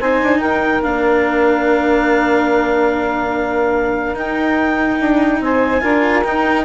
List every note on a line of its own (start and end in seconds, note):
0.00 0.22 C4
0.00 0.83 D#4
0.00 0.40 C5
0.00 0.41 G#5
0.23 0.40 D4
0.40 0.81 D#4
0.40 5.40 A#4
0.40 0.82 G5
0.83 4.15 A#3
0.83 4.15 D4
0.83 4.17 F5
4.15 5.81 D#4
4.15 4.99 D#4
4.15 5.43 G5
5.01 5.41 D4
5.41 5.82 C4
5.41 5.82 C5
5.41 6.24 G#5
5.81 6.25 D4
5.81 6.23 F4
5.81 6.66 A#4
6.24 6.66 D#4
6.24 6.66 G5